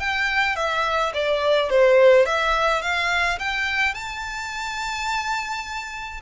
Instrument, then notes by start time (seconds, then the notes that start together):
violin
0.00 G5
0.56 E5
1.14 D5
1.70 C5
2.26 E5
2.82 F5
3.39 G5
3.94 A5